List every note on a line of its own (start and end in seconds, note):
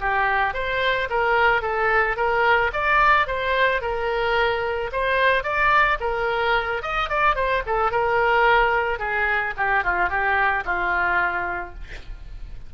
0.00 0.54 G4
0.54 1.08 C5
1.10 1.62 A#4
1.62 2.16 A4
2.16 2.71 A#4
2.73 3.27 D5
3.27 3.81 C5
3.81 4.90 A#4
4.92 5.43 C5
5.43 5.98 D5
6.00 6.82 A#4
6.82 7.09 D#5
7.09 7.35 D5
7.35 7.63 C5
7.66 7.91 A4
7.91 8.99 A#4
8.99 9.54 G#4
9.57 9.84 G4
9.84 10.09 F4
10.09 10.64 G4
10.65 11.74 F4